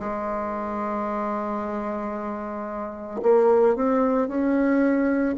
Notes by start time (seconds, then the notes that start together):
0.00 G#3
3.23 A#3
3.76 C4
4.29 C#4